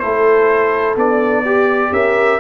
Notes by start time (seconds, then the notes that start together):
0.00 A3 E4 A4 C5
0.96 B3 D4 D5
1.45 G4
1.92 C#4 A#4 E5